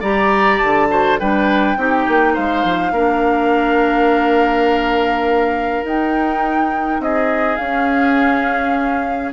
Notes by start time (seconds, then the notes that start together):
0.00 G3 G4 D5 A#5
0.58 D3 A5
0.89 F#4 C5
1.19 G3 D4 B4 G5
1.77 C4 D#4 G4
2.08 A#3
2.34 G#3 C5 F5
2.64 F3
2.91 A#3 D4 A#4
5.84 D#4 G5
7.00 C4 G#4 D#5
7.56 C#4 F5